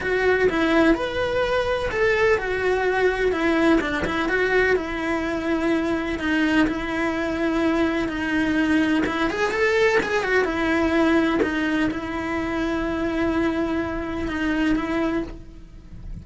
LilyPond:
\new Staff \with { instrumentName = "cello" } { \time 4/4 \tempo 4 = 126 fis'4 e'4 b'2 | a'4 fis'2 e'4 | d'8 e'8 fis'4 e'2~ | e'4 dis'4 e'2~ |
e'4 dis'2 e'8 gis'8 | a'4 gis'8 fis'8 e'2 | dis'4 e'2.~ | e'2 dis'4 e'4 | }